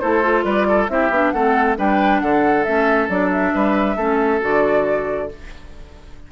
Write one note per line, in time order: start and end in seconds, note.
0.00 0.44 A3
0.00 0.23 E4
0.00 0.45 A4
0.00 0.44 C5
0.23 0.89 F4
0.44 0.89 G3
0.44 0.67 B4
0.44 0.89 D5
0.69 0.91 A4
0.89 1.10 C4
0.89 1.11 E4
0.89 1.34 G4
0.89 1.32 E5
1.10 1.32 B3
1.10 1.35 D4
1.32 1.78 A3
1.32 1.77 C4
1.32 1.78 A4
1.32 1.76 F#5
1.77 2.22 G3
1.77 2.65 D4
1.77 2.22 B4
1.77 2.21 G5
2.21 2.67 D3
2.21 3.55 A4
2.21 2.65 F#5
2.65 3.09 A3
2.65 3.10 C#4
2.65 3.09 E5
3.09 3.53 F#3
3.09 3.98 D4
3.09 3.31 D5
3.32 4.42 E5
3.55 3.97 G3
3.55 3.96 B4
3.96 4.41 A3
3.96 4.41 C#4
3.96 5.29 A4
4.41 5.32 D3
4.41 5.29 F#4
4.41 5.32 D5